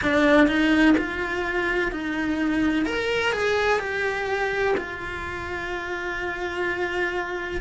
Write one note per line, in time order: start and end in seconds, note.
0.02 0.47 D4
0.47 0.95 D#4
0.97 1.91 F4
1.91 2.85 D#4
2.85 3.32 A#4
3.32 3.79 G#4
3.79 4.74 G4
4.77 7.61 F4